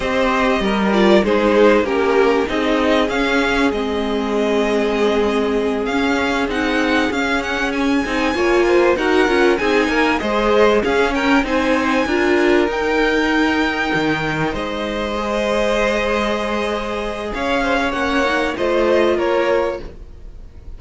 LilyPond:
<<
  \new Staff \with { instrumentName = "violin" } { \time 4/4 \tempo 4 = 97 dis''4. d''8 c''4 ais'4 | dis''4 f''4 dis''2~ | dis''4. f''4 fis''4 f''8 | fis''8 gis''2 fis''4 gis''8~ |
gis''8 dis''4 f''8 g''8 gis''4.~ | gis''8 g''2. dis''8~ | dis''1 | f''4 fis''4 dis''4 cis''4 | }
  \new Staff \with { instrumentName = "violin" } { \time 4/4 c''4 ais'4 gis'4 g'4 | gis'1~ | gis'1~ | gis'4. cis''8 c''8 ais'4 gis'8 |
ais'8 c''4 gis'8 ais'8 c''4 ais'8~ | ais'2.~ ais'8 c''8~ | c''1 | cis''8 c''16 cis''4~ cis''16 c''4 ais'4 | }
  \new Staff \with { instrumentName = "viola" } { \time 4/4 g'4. f'8 dis'4 cis'4 | dis'4 cis'4 c'2~ | c'4. cis'4 dis'4 cis'8~ | cis'4 dis'8 f'4 fis'8 f'8 dis'8~ |
dis'8 gis'4 cis'4 dis'4 f'8~ | f'8 dis'2.~ dis'8~ | dis'8 gis'2.~ gis'8~ | gis'4 cis'8 dis'8 f'2 | }
  \new Staff \with { instrumentName = "cello" } { \time 4/4 c'4 g4 gis4 ais4 | c'4 cis'4 gis2~ | gis4. cis'4 c'4 cis'8~ | cis'4 c'8 ais4 dis'8 cis'8 c'8 |
ais8 gis4 cis'4 c'4 d'8~ | d'8 dis'2 dis4 gis8~ | gis1 | cis'4 ais4 a4 ais4 | }
>>